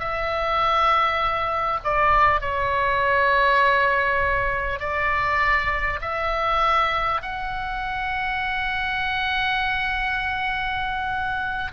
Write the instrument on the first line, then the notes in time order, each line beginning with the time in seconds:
oboe
0.00 E5
1.84 D5
2.41 C#5
4.80 D5
6.02 E5
7.22 F#5